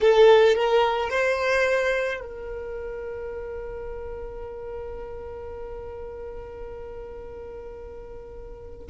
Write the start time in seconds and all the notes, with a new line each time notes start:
0.00 A4
0.55 A#4
1.09 C5
2.20 A#4